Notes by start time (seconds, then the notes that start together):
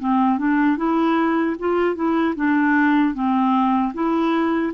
0.00 C4
0.38 D4
0.78 E4
1.60 F4
1.96 E4
2.36 D4
3.14 C4
3.94 E4